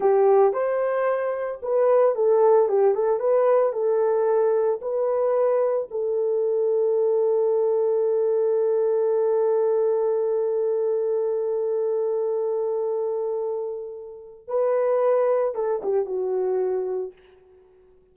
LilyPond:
\new Staff \with { instrumentName = "horn" } { \time 4/4 \tempo 4 = 112 g'4 c''2 b'4 | a'4 g'8 a'8 b'4 a'4~ | a'4 b'2 a'4~ | a'1~ |
a'1~ | a'1~ | a'2. b'4~ | b'4 a'8 g'8 fis'2 | }